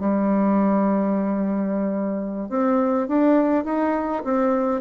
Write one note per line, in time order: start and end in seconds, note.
0.00 2.49 G3
2.49 3.08 C4
3.08 3.65 D4
3.65 4.24 D#4
4.24 4.82 C4